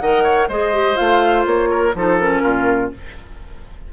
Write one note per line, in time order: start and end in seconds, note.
0.00 0.48 D#3
0.00 0.51 A#4
0.00 0.24 D#5
0.00 0.48 F#5
0.24 0.48 C#5
0.48 0.97 G#3
0.48 0.74 G#4
0.48 1.70 C5
0.48 0.97 D#5
0.74 0.96 G4
0.96 1.46 A3
0.96 1.93 F4
0.96 1.45 F5
1.46 1.94 A#3
1.46 1.95 C#5
1.70 1.95 A#4
1.95 2.43 F3
1.95 2.20 D#4
1.95 2.43 A4
1.95 2.19 C5
2.19 2.93 C#4
2.19 2.92 A#4
2.43 2.93 A#2
2.43 2.91 F4